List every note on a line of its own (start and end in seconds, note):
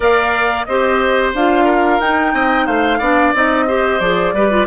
0.00 0.66 A#3
0.00 0.67 A#4
0.00 0.66 D5
0.00 0.65 F5
0.65 1.33 C4
0.65 1.35 G4
0.65 1.64 C5
0.65 1.31 D#5
1.33 2.00 D4
1.33 2.01 F4
1.33 2.00 F5
1.64 2.31 A#4
2.00 2.33 D#4
2.00 3.01 D#4
2.00 2.66 G5
2.33 2.67 C4
2.33 2.65 D#5
2.65 2.99 A3
2.65 2.98 C5
2.65 3.33 F5
2.98 3.32 B3
2.98 3.34 D4
2.98 3.65 D5
3.33 4.00 C4
3.33 3.67 D#4
3.33 3.99 D#5
3.67 4.01 G4
3.67 4.34 C5
3.99 4.33 F3
3.99 4.34 G#4
3.99 4.66 D5
4.33 4.66 G3
4.33 4.50 G4
4.33 4.67 B4
4.50 4.67 F4